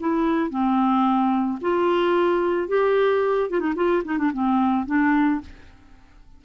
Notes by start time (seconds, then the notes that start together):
0.00 E4
0.50 C4
1.61 F4
2.68 G4
3.50 F4
3.60 D#4
3.76 F4
4.05 D#4
4.18 D4
4.33 C4
4.86 D4